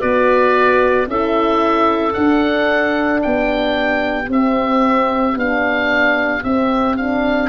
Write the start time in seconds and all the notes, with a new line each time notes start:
0.00 B3 F#4 B4 D5
1.08 C#4 E4 A4 E5
2.13 D4 F#5
3.22 B3 G4 G5
4.28 C4 E5
5.36 B3 D4 F5
6.44 C4 E5
6.97 D4 F5